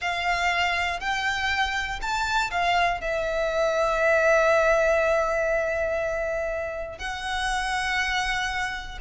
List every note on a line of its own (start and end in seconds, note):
0.01 1.00 F5
1.00 2.00 G5
2.01 2.50 A5
2.50 3.00 F5
3.00 6.98 E5
6.98 8.98 F#5